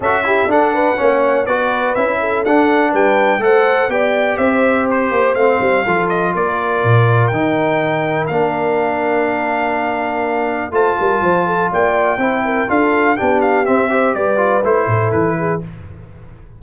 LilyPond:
<<
  \new Staff \with { instrumentName = "trumpet" } { \time 4/4 \tempo 4 = 123 e''4 fis''2 d''4 | e''4 fis''4 g''4 fis''4 | g''4 e''4 c''4 f''4~ | f''8 dis''8 d''2 g''4~ |
g''4 f''2.~ | f''2 a''2 | g''2 f''4 g''8 f''8 | e''4 d''4 c''4 b'4 | }
  \new Staff \with { instrumentName = "horn" } { \time 4/4 a'8 g'8 a'8 b'8 cis''4 b'4~ | b'8 a'4. b'4 c''4 | d''4 c''2. | a'4 ais'2.~ |
ais'1~ | ais'2 c''8 ais'8 c''8 a'8 | d''4 c''8 ais'8 a'4 g'4~ | g'8 c''8 b'4. a'4 gis'8 | }
  \new Staff \with { instrumentName = "trombone" } { \time 4/4 fis'8 e'8 d'4 cis'4 fis'4 | e'4 d'2 a'4 | g'2. c'4 | f'2. dis'4~ |
dis'4 d'2.~ | d'2 f'2~ | f'4 e'4 f'4 d'4 | c'8 g'4 f'8 e'2 | }
  \new Staff \with { instrumentName = "tuba" } { \time 4/4 cis'4 d'4 ais4 b4 | cis'4 d'4 g4 a4 | b4 c'4. ais8 a8 g8 | f4 ais4 ais,4 dis4~ |
dis4 ais2.~ | ais2 a8 g8 f4 | ais4 c'4 d'4 b4 | c'4 g4 a8 a,8 e4 | }
>>